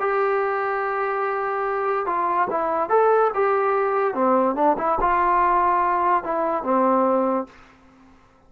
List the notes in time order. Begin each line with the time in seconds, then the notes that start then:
0.00 G4
2.06 F4
2.50 E4
2.90 A4
3.34 G4
4.14 C4
4.56 D4
4.78 E4
5.01 F4
6.24 E4
6.63 C4